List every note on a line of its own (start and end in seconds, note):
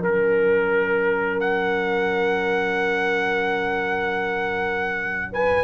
0.00 5.64 F#3
0.00 5.64 C#4
0.00 5.28 A#4
0.00 1.40 A#4
1.40 5.32 F#5
5.32 5.64 B4
5.32 5.64 G#5